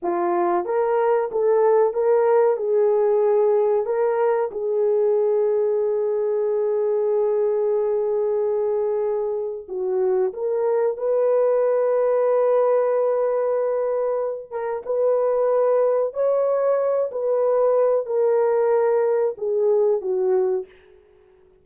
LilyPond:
\new Staff \with { instrumentName = "horn" } { \time 4/4 \tempo 4 = 93 f'4 ais'4 a'4 ais'4 | gis'2 ais'4 gis'4~ | gis'1~ | gis'2. fis'4 |
ais'4 b'2.~ | b'2~ b'8 ais'8 b'4~ | b'4 cis''4. b'4. | ais'2 gis'4 fis'4 | }